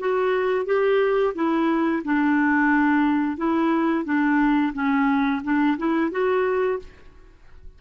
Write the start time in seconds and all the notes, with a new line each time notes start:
0.00 F#4
0.66 G4
1.35 E4
2.05 D4
3.38 E4
4.05 D4
4.74 C#4
5.44 D4
5.78 E4
6.11 F#4